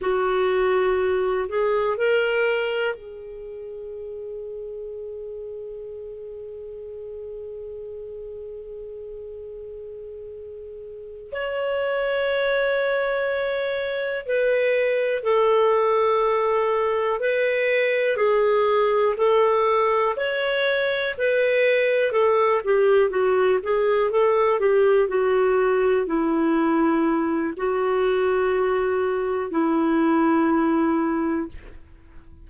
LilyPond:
\new Staff \with { instrumentName = "clarinet" } { \time 4/4 \tempo 4 = 61 fis'4. gis'8 ais'4 gis'4~ | gis'1~ | gis'2.~ gis'8 cis''8~ | cis''2~ cis''8 b'4 a'8~ |
a'4. b'4 gis'4 a'8~ | a'8 cis''4 b'4 a'8 g'8 fis'8 | gis'8 a'8 g'8 fis'4 e'4. | fis'2 e'2 | }